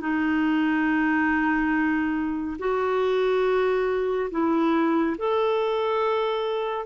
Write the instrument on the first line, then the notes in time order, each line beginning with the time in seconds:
clarinet
0.00 D#4
2.58 F#4
4.31 E4
5.18 A4